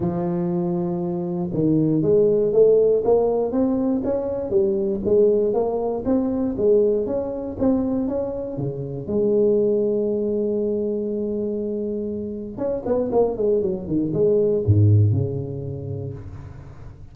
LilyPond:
\new Staff \with { instrumentName = "tuba" } { \time 4/4 \tempo 4 = 119 f2. dis4 | gis4 a4 ais4 c'4 | cis'4 g4 gis4 ais4 | c'4 gis4 cis'4 c'4 |
cis'4 cis4 gis2~ | gis1~ | gis4 cis'8 b8 ais8 gis8 fis8 dis8 | gis4 gis,4 cis2 | }